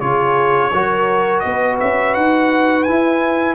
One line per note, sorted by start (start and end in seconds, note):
0.00 0.72 C#3
0.00 0.72 F4
0.00 0.71 G#4
0.00 1.40 C#5
0.73 1.45 F#3
0.73 2.87 F#4
0.73 1.46 A#4
1.40 1.81 B3
1.40 1.76 D#5
1.47 3.55 B4
1.80 2.16 C#4
1.80 2.14 E5
2.14 2.87 D#4
2.14 2.84 F#5
2.84 3.55 E4
2.84 3.55 G#5